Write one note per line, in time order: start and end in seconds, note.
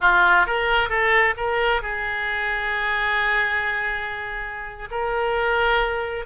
0.00 0.46 F4
0.46 0.89 A#4
0.89 1.34 A4
1.36 1.82 A#4
1.82 4.88 G#4
4.90 6.25 A#4